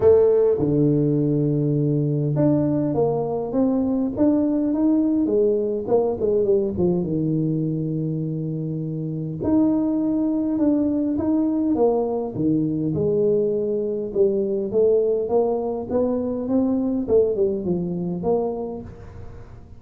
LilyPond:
\new Staff \with { instrumentName = "tuba" } { \time 4/4 \tempo 4 = 102 a4 d2. | d'4 ais4 c'4 d'4 | dis'4 gis4 ais8 gis8 g8 f8 | dis1 |
dis'2 d'4 dis'4 | ais4 dis4 gis2 | g4 a4 ais4 b4 | c'4 a8 g8 f4 ais4 | }